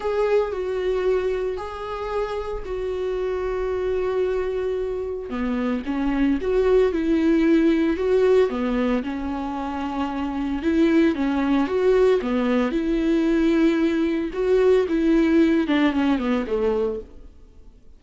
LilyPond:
\new Staff \with { instrumentName = "viola" } { \time 4/4 \tempo 4 = 113 gis'4 fis'2 gis'4~ | gis'4 fis'2.~ | fis'2 b4 cis'4 | fis'4 e'2 fis'4 |
b4 cis'2. | e'4 cis'4 fis'4 b4 | e'2. fis'4 | e'4. d'8 cis'8 b8 a4 | }